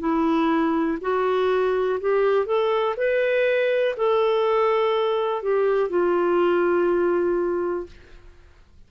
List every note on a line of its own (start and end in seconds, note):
0.00 0.98 E4
1.01 2.00 F#4
2.01 2.46 G4
2.46 2.96 A4
2.97 3.96 B4
3.97 5.42 A4
5.42 5.90 G4
5.90 7.87 F4